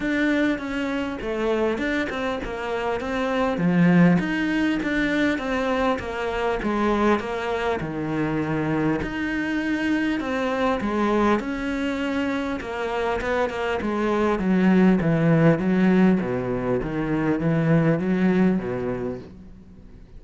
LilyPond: \new Staff \with { instrumentName = "cello" } { \time 4/4 \tempo 4 = 100 d'4 cis'4 a4 d'8 c'8 | ais4 c'4 f4 dis'4 | d'4 c'4 ais4 gis4 | ais4 dis2 dis'4~ |
dis'4 c'4 gis4 cis'4~ | cis'4 ais4 b8 ais8 gis4 | fis4 e4 fis4 b,4 | dis4 e4 fis4 b,4 | }